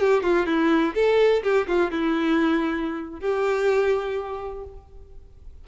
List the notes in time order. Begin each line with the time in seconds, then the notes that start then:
0.00 G4
0.23 F4
0.46 E4
0.94 A4
1.43 G4
1.67 F4
1.91 E4
3.20 G4